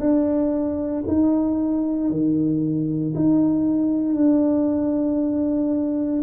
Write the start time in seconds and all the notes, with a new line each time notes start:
0.00 D4
1.07 D#4
2.10 D#3
3.15 D#4
4.15 D4